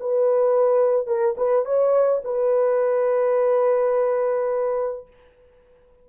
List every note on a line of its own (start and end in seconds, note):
0.00 1.07 B4
1.07 1.35 A#4
1.37 1.65 B4
1.65 2.22 C#5
2.24 5.07 B4